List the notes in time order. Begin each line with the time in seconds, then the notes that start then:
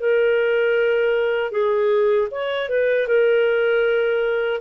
0.00 A#4
1.51 G#4
2.31 C#5
2.69 B4
3.07 A#4